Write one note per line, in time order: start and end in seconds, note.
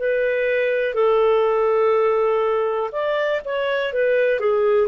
0.00 0.94 B4
0.94 2.91 A4
2.92 3.42 D5
3.45 3.93 C#5
3.93 4.40 B4
4.40 4.88 G#4